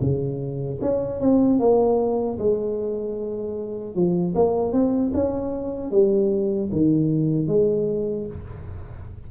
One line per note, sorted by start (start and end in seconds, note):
0.00 0.79 C#3
0.81 1.19 C#4
1.19 1.59 C4
1.59 2.38 A#3
2.38 3.94 G#3
3.94 4.34 F3
4.35 4.72 A#3
4.72 5.11 C4
5.14 5.91 C#4
5.91 6.70 G3
6.71 7.47 D#3
7.47 8.26 G#3